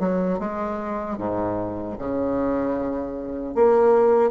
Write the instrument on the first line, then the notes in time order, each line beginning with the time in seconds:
bassoon
0.00 F#3
0.40 G#3
1.18 G#2
1.99 C#3
3.55 A#3